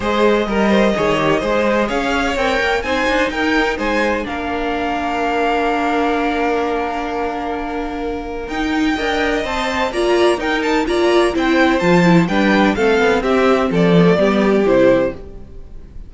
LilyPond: <<
  \new Staff \with { instrumentName = "violin" } { \time 4/4 \tempo 4 = 127 dis''1 | f''4 g''4 gis''4 g''4 | gis''4 f''2.~ | f''1~ |
f''2 g''2 | a''4 ais''4 g''8 a''8 ais''4 | g''4 a''4 g''4 f''4 | e''4 d''2 c''4 | }
  \new Staff \with { instrumentName = "violin" } { \time 4/4 c''4 ais'8 c''8 cis''4 c''4 | cis''2 c''4 ais'4 | c''4 ais'2.~ | ais'1~ |
ais'2. dis''4~ | dis''4 d''4 ais'4 d''4 | c''2 b'4 a'4 | g'4 a'4 g'2 | }
  \new Staff \with { instrumentName = "viola" } { \time 4/4 gis'4 ais'4 gis'8 g'8 gis'4~ | gis'4 ais'4 dis'2~ | dis'4 d'2.~ | d'1~ |
d'2 dis'4 ais'4 | c''4 f'4 dis'4 f'4 | e'4 f'8 e'8 d'4 c'4~ | c'4. b16 a16 b4 e'4 | }
  \new Staff \with { instrumentName = "cello" } { \time 4/4 gis4 g4 dis4 gis4 | cis'4 c'8 ais8 c'8 d'8 dis'4 | gis4 ais2.~ | ais1~ |
ais2 dis'4 d'4 | c'4 ais4 dis'4 ais4 | c'4 f4 g4 a8 b8 | c'4 f4 g4 c4 | }
>>